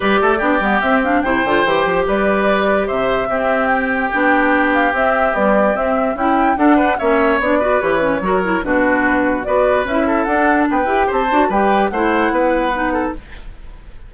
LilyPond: <<
  \new Staff \with { instrumentName = "flute" } { \time 4/4 \tempo 4 = 146 d''2 e''8 f''8 g''4~ | g''4 d''2 e''4~ | e''4 g''2~ g''8 f''8 | e''4 d''4 e''4 g''4 |
fis''4 e''4 d''4 cis''4~ | cis''4 b'2 d''4 | e''4 fis''4 g''4 a''4 | g''4 fis''2. | }
  \new Staff \with { instrumentName = "oboe" } { \time 4/4 b'8 a'8 g'2 c''4~ | c''4 b'2 c''4 | g'1~ | g'2. e'4 |
a'8 b'8 cis''4. b'4. | ais'4 fis'2 b'4~ | b'8 a'4. b'4 c''4 | b'4 c''4 b'4. a'8 | }
  \new Staff \with { instrumentName = "clarinet" } { \time 4/4 g'4 d'8 b8 c'8 d'8 e'8 f'8 | g'1 | c'2 d'2 | c'4 g4 c'4 e'4 |
d'4 cis'4 d'8 fis'8 g'8 cis'8 | fis'8 e'8 d'2 fis'4 | e'4 d'4. g'4 fis'8 | g'4 e'2 dis'4 | }
  \new Staff \with { instrumentName = "bassoon" } { \time 4/4 g8 a8 b8 g8 c'4 c8 d8 | e8 f8 g2 c4 | c'2 b2 | c'4 b4 c'4 cis'4 |
d'4 ais4 b4 e4 | fis4 b,2 b4 | cis'4 d'4 b8 e'8 c'8 d'8 | g4 a4 b2 | }
>>